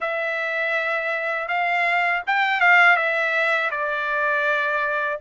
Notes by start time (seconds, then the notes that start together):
0.00 E5
1.47 F5
2.26 G5
2.60 F5
2.96 E5
3.70 D5